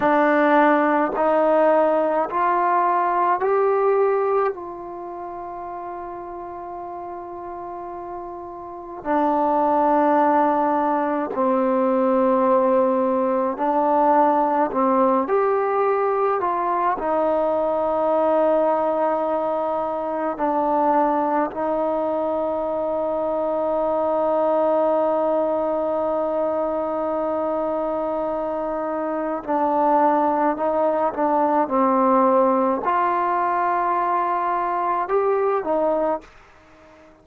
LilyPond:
\new Staff \with { instrumentName = "trombone" } { \time 4/4 \tempo 4 = 53 d'4 dis'4 f'4 g'4 | f'1 | d'2 c'2 | d'4 c'8 g'4 f'8 dis'4~ |
dis'2 d'4 dis'4~ | dis'1~ | dis'2 d'4 dis'8 d'8 | c'4 f'2 g'8 dis'8 | }